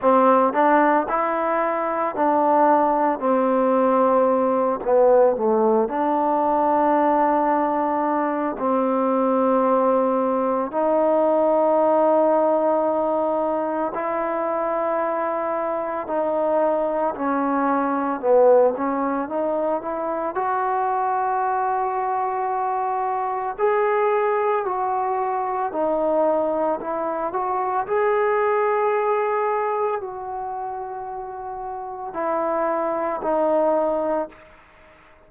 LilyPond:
\new Staff \with { instrumentName = "trombone" } { \time 4/4 \tempo 4 = 56 c'8 d'8 e'4 d'4 c'4~ | c'8 b8 a8 d'2~ d'8 | c'2 dis'2~ | dis'4 e'2 dis'4 |
cis'4 b8 cis'8 dis'8 e'8 fis'4~ | fis'2 gis'4 fis'4 | dis'4 e'8 fis'8 gis'2 | fis'2 e'4 dis'4 | }